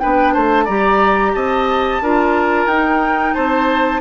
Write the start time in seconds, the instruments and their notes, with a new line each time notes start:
0.00 bassoon B3, clarinet D4, oboe B4, flute G5
0.34 bassoon A3, oboe C5, flute A5
0.65 bassoon G3, clarinet G4, oboe D5, flute A#5
1.34 bassoon C4, oboe D#5, flute A5
2.02 bassoon D4, clarinet F4, oboe A#4
2.67 bassoon D#4, clarinet D#4, flute G5
3.34 bassoon C4, oboe C5, flute A5